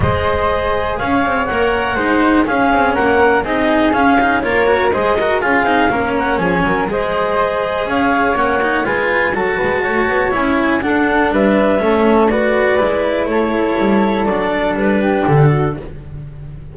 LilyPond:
<<
  \new Staff \with { instrumentName = "clarinet" } { \time 4/4 \tempo 4 = 122 dis''2 f''4 fis''4~ | fis''4 f''4 fis''4 dis''4 | f''4 cis''4 dis''4 f''4~ | f''8 fis''8 gis''4 dis''2 |
f''4 fis''4 gis''4 a''4~ | a''4 gis''4 fis''4 e''4~ | e''4 d''2 cis''4~ | cis''4 d''4 b'4 a'4 | }
  \new Staff \with { instrumentName = "flute" } { \time 4/4 c''2 cis''2 | c''4 gis'4 ais'4 gis'4~ | gis'4 ais'4 c''8 ais'8 gis'4 | ais'4 gis'8 ais'8 c''2 |
cis''2 b'4 a'8 b'8 | cis''2 a'4 b'4 | a'4 b'2 a'4~ | a'2~ a'8 g'4 fis'8 | }
  \new Staff \with { instrumentName = "cello" } { \time 4/4 gis'2. ais'4 | dis'4 cis'2 dis'4 | cis'8 dis'8 f'8 fis'8 gis'8 fis'8 f'8 dis'8 | cis'2 gis'2~ |
gis'4 cis'8 dis'8 f'4 fis'4~ | fis'4 e'4 d'2 | cis'4 fis'4 e'2~ | e'4 d'2. | }
  \new Staff \with { instrumentName = "double bass" } { \time 4/4 gis2 cis'8 c'8 ais4 | gis4 cis'8 c'8 ais4 c'4 | cis'4 ais4 gis4 cis'8 c'8 | ais4 f8 fis8 gis2 |
cis'4 ais4 gis4 fis8 gis8 | a8 b8 cis'4 d'4 g4 | a2 gis4 a4 | g4 fis4 g4 d4 | }
>>